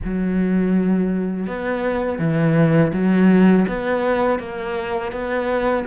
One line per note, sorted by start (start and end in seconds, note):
0.04 1.46 F#3
1.46 2.19 B3
2.19 2.92 E3
2.93 3.66 F#3
3.68 4.39 B3
4.39 5.12 A#3
5.12 5.85 B3